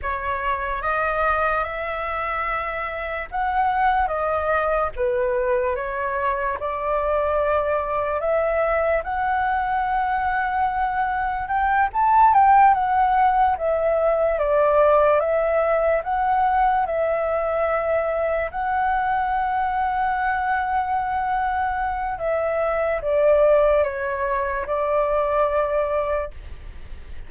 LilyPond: \new Staff \with { instrumentName = "flute" } { \time 4/4 \tempo 4 = 73 cis''4 dis''4 e''2 | fis''4 dis''4 b'4 cis''4 | d''2 e''4 fis''4~ | fis''2 g''8 a''8 g''8 fis''8~ |
fis''8 e''4 d''4 e''4 fis''8~ | fis''8 e''2 fis''4.~ | fis''2. e''4 | d''4 cis''4 d''2 | }